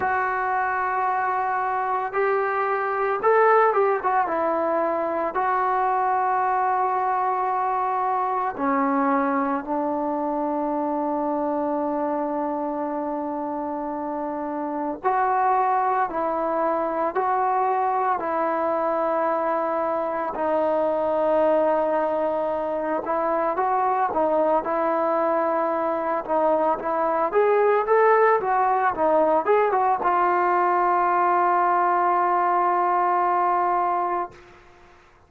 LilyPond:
\new Staff \with { instrumentName = "trombone" } { \time 4/4 \tempo 4 = 56 fis'2 g'4 a'8 g'16 fis'16 | e'4 fis'2. | cis'4 d'2.~ | d'2 fis'4 e'4 |
fis'4 e'2 dis'4~ | dis'4. e'8 fis'8 dis'8 e'4~ | e'8 dis'8 e'8 gis'8 a'8 fis'8 dis'8 gis'16 fis'16 | f'1 | }